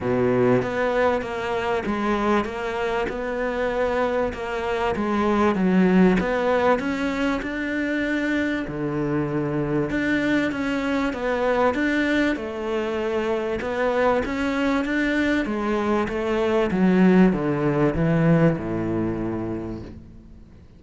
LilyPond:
\new Staff \with { instrumentName = "cello" } { \time 4/4 \tempo 4 = 97 b,4 b4 ais4 gis4 | ais4 b2 ais4 | gis4 fis4 b4 cis'4 | d'2 d2 |
d'4 cis'4 b4 d'4 | a2 b4 cis'4 | d'4 gis4 a4 fis4 | d4 e4 a,2 | }